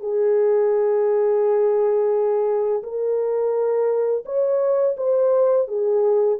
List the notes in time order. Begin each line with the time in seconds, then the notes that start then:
0.00 G#4
2.83 A#4
4.25 C#5
4.97 C5
5.68 G#4